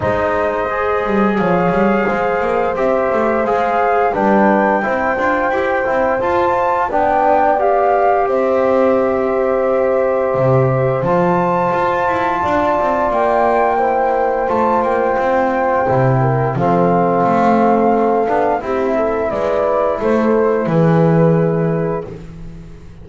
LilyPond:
<<
  \new Staff \with { instrumentName = "flute" } { \time 4/4 \tempo 4 = 87 dis''2 f''2 | e''4 f''4 g''2~ | g''4 a''4 g''4 f''4 | e''1 |
a''2. g''4~ | g''4 a''8 g''2~ g''8 | f''2. e''4 | d''4 c''4 b'2 | }
  \new Staff \with { instrumentName = "horn" } { \time 4/4 c''2 cis''4 c''4~ | c''2 b'4 c''4~ | c''2 d''2 | c''1~ |
c''2 d''2 | c''2.~ c''8 ais'8 | a'2. g'8 a'8 | b'4 a'4 gis'2 | }
  \new Staff \with { instrumentName = "trombone" } { \time 4/4 dis'4 gis'2. | g'4 gis'4 d'4 e'8 f'8 | g'8 e'8 f'4 d'4 g'4~ | g'1 |
f'1 | e'4 f'2 e'4 | c'2~ c'8 d'8 e'4~ | e'1 | }
  \new Staff \with { instrumentName = "double bass" } { \time 4/4 gis4. g8 f8 g8 gis8 ais8 | c'8 a8 gis4 g4 c'8 d'8 | e'8 c'8 f'4 b2 | c'2. c4 |
f4 f'8 e'8 d'8 c'8 ais4~ | ais4 a8 ais8 c'4 c4 | f4 a4. b8 c'4 | gis4 a4 e2 | }
>>